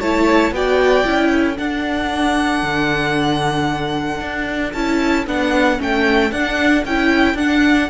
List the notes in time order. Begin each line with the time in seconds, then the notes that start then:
0.00 A3 E4 C#5 A5
0.52 B3 F#4 D5 G5
1.05 C#4 E4
1.31 A4
1.56 D4 F#5
2.62 D3
4.20 D4
4.72 C#4 E4 A5
5.27 B3 D4 F#5
5.78 A3 C#4 G5
6.31 D4 F#5
6.85 C#4 E4 G5
7.34 D4 F#5